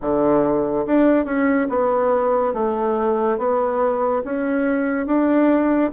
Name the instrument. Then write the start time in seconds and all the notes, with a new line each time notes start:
bassoon
0.01 D3
0.86 D4
1.25 C#4
1.69 B3
2.53 A3
3.38 B3
4.24 C#4
5.06 D4